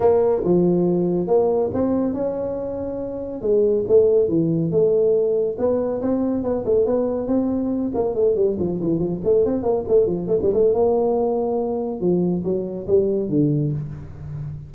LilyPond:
\new Staff \with { instrumentName = "tuba" } { \time 4/4 \tempo 4 = 140 ais4 f2 ais4 | c'4 cis'2. | gis4 a4 e4 a4~ | a4 b4 c'4 b8 a8 |
b4 c'4. ais8 a8 g8 | f8 e8 f8 a8 c'8 ais8 a8 f8 | a16 g16 a8 ais2. | f4 fis4 g4 d4 | }